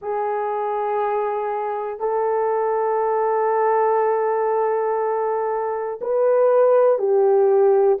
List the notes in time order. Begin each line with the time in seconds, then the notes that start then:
0.01 G#4
2.00 A4
6.01 B4
6.98 G4